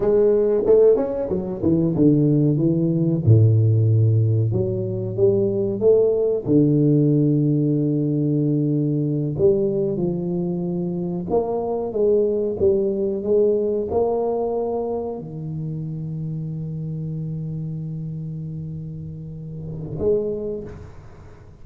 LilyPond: \new Staff \with { instrumentName = "tuba" } { \time 4/4 \tempo 4 = 93 gis4 a8 cis'8 fis8 e8 d4 | e4 a,2 fis4 | g4 a4 d2~ | d2~ d8 g4 f8~ |
f4. ais4 gis4 g8~ | g8 gis4 ais2 dis8~ | dis1~ | dis2. gis4 | }